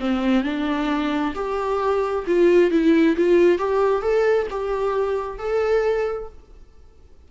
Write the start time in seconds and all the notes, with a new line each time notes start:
0.00 C4
0.44 D4
1.35 G4
2.27 F4
2.71 E4
3.17 F4
3.58 G4
4.02 A4
4.51 G4
5.39 A4